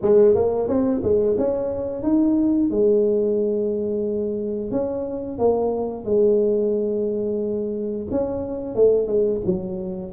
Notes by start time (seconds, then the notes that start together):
0.02 G#3
0.34 A#3
0.67 C4
1.03 G#3
1.38 C#4
2.02 D#4
2.70 G#3
4.71 C#4
5.38 A#3
6.05 G#3
8.10 C#4
8.75 A3
9.07 G#3
9.45 F#3